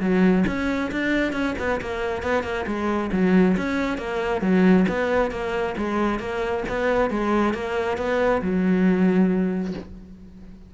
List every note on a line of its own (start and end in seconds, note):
0.00 0.44 F#3
0.47 0.91 C#4
0.91 1.32 D4
1.32 1.54 C#4
1.58 1.80 B3
1.81 2.22 A#3
2.22 2.43 B3
2.43 2.65 A#3
2.66 3.10 G#3
3.12 3.56 F#3
3.57 3.97 C#4
3.97 4.41 A#3
4.41 4.85 F#3
4.88 5.31 B3
5.31 5.75 A#3
5.77 6.19 G#3
6.19 6.63 A#3
6.68 7.10 B3
7.10 7.53 G#3
7.53 7.97 A#3
7.97 8.41 B3
8.41 9.74 F#3